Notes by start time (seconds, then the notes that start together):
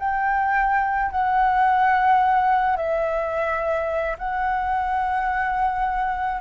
0.00 G5
1.12 F#5
2.77 E5
4.19 F#5